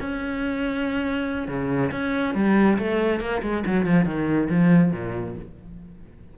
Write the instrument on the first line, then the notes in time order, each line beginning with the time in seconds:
cello
0.00 C#4
1.48 C#3
1.91 C#4
2.34 G3
2.78 A3
3.20 A#3
3.42 G#3
3.66 F#3
3.86 F3
4.05 D#3
4.50 F3
4.92 A#2